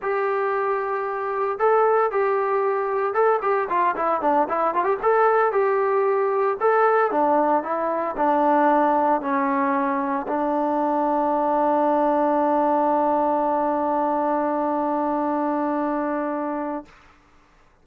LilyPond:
\new Staff \with { instrumentName = "trombone" } { \time 4/4 \tempo 4 = 114 g'2. a'4 | g'2 a'8 g'8 f'8 e'8 | d'8 e'8 f'16 g'16 a'4 g'4.~ | g'8 a'4 d'4 e'4 d'8~ |
d'4. cis'2 d'8~ | d'1~ | d'1~ | d'1 | }